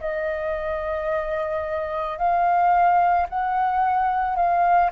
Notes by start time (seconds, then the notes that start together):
0.00 D#5
2.18 F5
3.29 F#5
4.36 F5